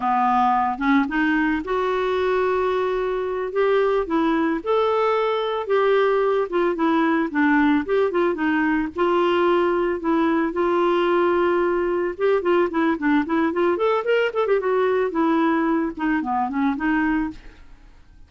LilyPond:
\new Staff \with { instrumentName = "clarinet" } { \time 4/4 \tempo 4 = 111 b4. cis'8 dis'4 fis'4~ | fis'2~ fis'8 g'4 e'8~ | e'8 a'2 g'4. | f'8 e'4 d'4 g'8 f'8 dis'8~ |
dis'8 f'2 e'4 f'8~ | f'2~ f'8 g'8 f'8 e'8 | d'8 e'8 f'8 a'8 ais'8 a'16 g'16 fis'4 | e'4. dis'8 b8 cis'8 dis'4 | }